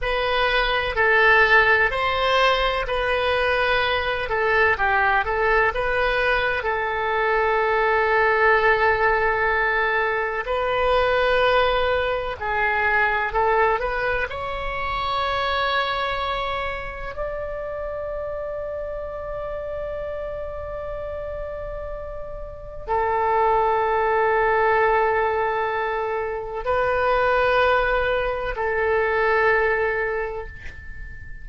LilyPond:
\new Staff \with { instrumentName = "oboe" } { \time 4/4 \tempo 4 = 63 b'4 a'4 c''4 b'4~ | b'8 a'8 g'8 a'8 b'4 a'4~ | a'2. b'4~ | b'4 gis'4 a'8 b'8 cis''4~ |
cis''2 d''2~ | d''1 | a'1 | b'2 a'2 | }